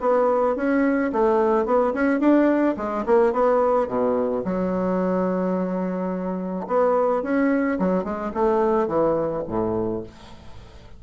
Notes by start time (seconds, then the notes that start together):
0.00 B3
0.55 C#4
1.12 A3
1.65 B3
1.93 C#4
2.20 D4
2.77 G#3
3.06 A#3
3.32 B3
3.88 B2
4.44 F#3
6.67 B3
7.22 C#4
7.79 F#3
8.04 G#3
8.34 A3
8.87 E3
9.47 A2